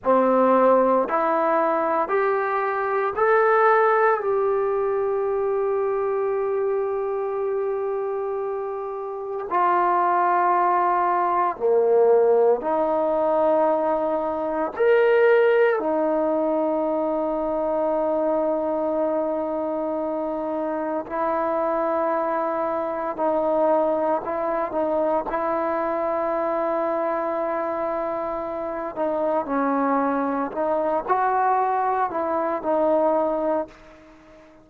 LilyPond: \new Staff \with { instrumentName = "trombone" } { \time 4/4 \tempo 4 = 57 c'4 e'4 g'4 a'4 | g'1~ | g'4 f'2 ais4 | dis'2 ais'4 dis'4~ |
dis'1 | e'2 dis'4 e'8 dis'8 | e'2.~ e'8 dis'8 | cis'4 dis'8 fis'4 e'8 dis'4 | }